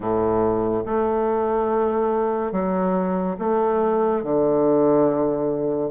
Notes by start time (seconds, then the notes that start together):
0.00 A2
0.85 A3
2.52 F#3
3.38 A3
4.23 D3